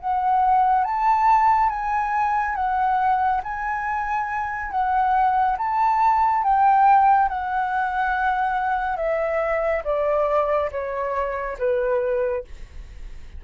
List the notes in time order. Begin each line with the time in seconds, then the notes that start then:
0.00 F#5
0.85 A5
1.70 G#5
2.56 F#5
3.44 G#5
4.71 F#5
5.58 A5
6.44 G5
7.29 F#5
8.97 E5
9.85 D5
10.72 C#5
11.59 B4